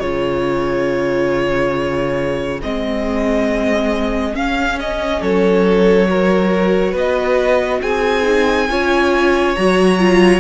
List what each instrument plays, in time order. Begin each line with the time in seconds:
0.00 cello C#3, viola F4, violin G#4 C#5
2.62 cello G#3, viola C4, violin D#5
4.34 viola C#4, cello C#4, violin F5
4.80 violin D#5
5.21 cello F#3, violin A4 C#5
6.10 viola F#4, violin A#4
6.92 cello B3, violin B4 D#5
7.82 cello C4, violin G#4 G#5
8.23 viola D#4
8.69 cello C#4, viola F4, violin C#5
9.55 cello F#3, viola F#4, violin A#5
10.00 viola F4